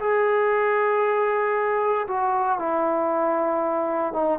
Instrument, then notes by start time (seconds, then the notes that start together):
trombone
0.00 G#4
2.08 F#4
2.59 E4
4.13 D#4